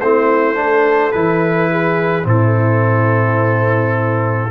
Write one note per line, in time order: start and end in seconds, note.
0.00 1.14 A3
0.00 0.54 C4
0.00 0.58 E4
0.00 1.12 C5
0.54 1.11 D4
0.54 1.71 A4
1.12 2.25 E3
1.12 2.23 E4
1.12 2.25 B4
1.71 2.26 G#4
2.23 4.51 A2
2.23 4.49 C4
2.23 4.51 E4
2.23 4.51 A4